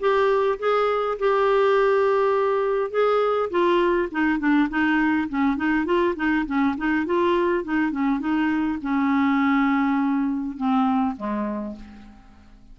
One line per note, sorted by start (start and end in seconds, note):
0.00 0.59 G4
0.59 1.18 G#4
1.20 2.91 G4
2.91 3.50 G#4
3.51 4.09 F4
4.12 4.40 D#4
4.40 4.69 D4
4.70 5.29 D#4
5.29 5.57 C#4
5.57 5.86 D#4
5.86 6.15 F4
6.16 6.46 D#4
6.47 6.76 C#4
6.78 7.06 D#4
7.06 7.64 F4
7.64 7.92 D#4
7.92 8.20 C#4
8.20 8.79 D#4
8.82 10.57 C#4
10.57 11.16 C4
11.17 11.76 G#3